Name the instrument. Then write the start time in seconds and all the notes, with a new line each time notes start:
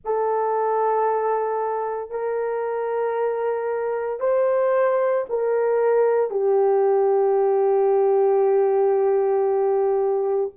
horn
0.04 A4
2.10 A#4
4.20 C5
5.29 A#4
6.30 G4